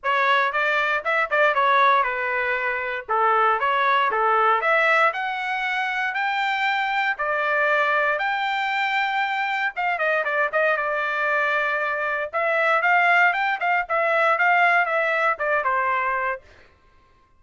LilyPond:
\new Staff \with { instrumentName = "trumpet" } { \time 4/4 \tempo 4 = 117 cis''4 d''4 e''8 d''8 cis''4 | b'2 a'4 cis''4 | a'4 e''4 fis''2 | g''2 d''2 |
g''2. f''8 dis''8 | d''8 dis''8 d''2. | e''4 f''4 g''8 f''8 e''4 | f''4 e''4 d''8 c''4. | }